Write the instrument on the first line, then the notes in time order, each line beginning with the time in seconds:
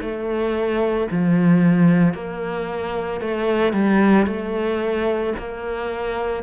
cello
0.00 A3
1.10 F3
2.14 A#3
3.20 A3
3.72 G3
4.26 A3
5.38 A#3